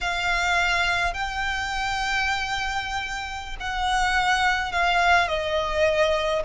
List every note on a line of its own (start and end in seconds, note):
0.01 1.13 F5
1.13 3.56 G5
3.60 4.71 F#5
4.71 5.28 F5
5.28 6.42 D#5